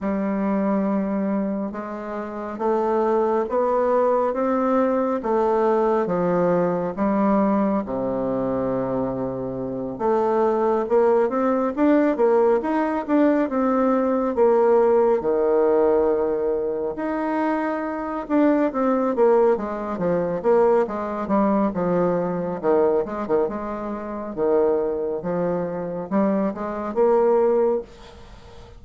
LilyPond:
\new Staff \with { instrumentName = "bassoon" } { \time 4/4 \tempo 4 = 69 g2 gis4 a4 | b4 c'4 a4 f4 | g4 c2~ c8 a8~ | a8 ais8 c'8 d'8 ais8 dis'8 d'8 c'8~ |
c'8 ais4 dis2 dis'8~ | dis'4 d'8 c'8 ais8 gis8 f8 ais8 | gis8 g8 f4 dis8 gis16 dis16 gis4 | dis4 f4 g8 gis8 ais4 | }